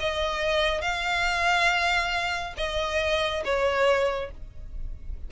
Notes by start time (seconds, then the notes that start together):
0.00 D#5
0.82 F5
2.57 D#5
3.45 C#5